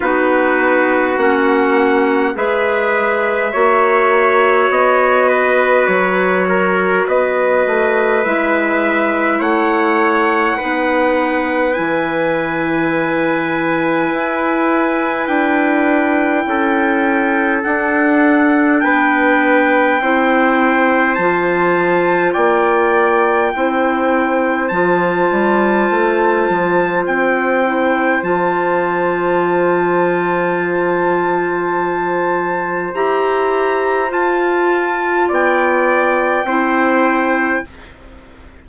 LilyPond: <<
  \new Staff \with { instrumentName = "trumpet" } { \time 4/4 \tempo 4 = 51 b'4 fis''4 e''2 | dis''4 cis''4 dis''4 e''4 | fis''2 gis''2~ | gis''4 g''2 fis''4 |
g''2 a''4 g''4~ | g''4 a''2 g''4 | a''1 | ais''4 a''4 g''2 | }
  \new Staff \with { instrumentName = "trumpet" } { \time 4/4 fis'2 b'4 cis''4~ | cis''8 b'4 ais'8 b'2 | cis''4 b'2.~ | b'2 a'2 |
b'4 c''2 d''4 | c''1~ | c''1~ | c''2 d''4 c''4 | }
  \new Staff \with { instrumentName = "clarinet" } { \time 4/4 dis'4 cis'4 gis'4 fis'4~ | fis'2. e'4~ | e'4 dis'4 e'2~ | e'2. d'4~ |
d'4 e'4 f'2 | e'4 f'2~ f'8 e'8 | f'1 | g'4 f'2 e'4 | }
  \new Staff \with { instrumentName = "bassoon" } { \time 4/4 b4 ais4 gis4 ais4 | b4 fis4 b8 a8 gis4 | a4 b4 e2 | e'4 d'4 cis'4 d'4 |
b4 c'4 f4 ais4 | c'4 f8 g8 a8 f8 c'4 | f1 | e'4 f'4 b4 c'4 | }
>>